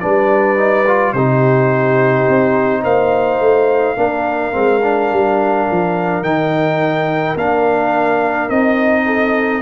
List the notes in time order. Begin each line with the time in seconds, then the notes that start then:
0.00 G3 D4 B4 D5
0.57 D#4
0.87 F4
1.13 C3 D#4 G4 C5
2.28 C4
2.82 A#3 C5 F5
3.39 A3
3.97 A#3 D4 A#4
4.52 G#3 C4
4.83 D4
5.11 G3
5.71 F3
6.21 D#3 D#4 G5
7.35 A#3 D4 F5
8.49 C4 D#4 D#5
9.06 A4